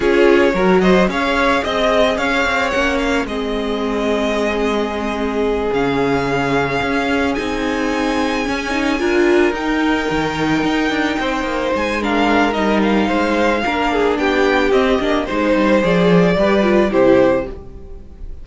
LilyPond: <<
  \new Staff \with { instrumentName = "violin" } { \time 4/4 \tempo 4 = 110 cis''4. dis''8 f''4 dis''4 | f''4 fis''8 f''8 dis''2~ | dis''2~ dis''8 f''4.~ | f''4. gis''2~ gis''8~ |
gis''4. g''2~ g''8~ | g''4. gis''8 f''4 dis''8 f''8~ | f''2 g''4 dis''4 | c''4 d''2 c''4 | }
  \new Staff \with { instrumentName = "violin" } { \time 4/4 gis'4 ais'8 c''8 cis''4 dis''4 | cis''2 gis'2~ | gis'1~ | gis'1~ |
gis'8 ais'2.~ ais'8~ | ais'8 c''4. ais'2 | c''4 ais'8 gis'8 g'2 | c''2 b'4 g'4 | }
  \new Staff \with { instrumentName = "viola" } { \time 4/4 f'4 fis'4 gis'2~ | gis'4 cis'4 c'2~ | c'2~ c'8 cis'4.~ | cis'4. dis'2 cis'8 |
dis'8 f'4 dis'2~ dis'8~ | dis'2 d'4 dis'4~ | dis'4 d'2 c'8 d'8 | dis'4 gis'4 g'8 f'8 e'4 | }
  \new Staff \with { instrumentName = "cello" } { \time 4/4 cis'4 fis4 cis'4 c'4 | cis'8 c'8 ais4 gis2~ | gis2~ gis8 cis4.~ | cis8 cis'4 c'2 cis'8~ |
cis'8 d'4 dis'4 dis4 dis'8 | d'8 c'8 ais8 gis4. g4 | gis4 ais4 b4 c'8 ais8 | gis8 g8 f4 g4 c4 | }
>>